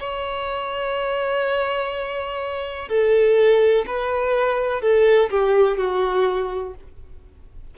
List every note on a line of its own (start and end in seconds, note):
0.00 2.89 C#5
2.89 3.85 A4
3.86 4.81 B4
4.81 5.30 A4
5.30 5.77 G4
5.77 6.74 F#4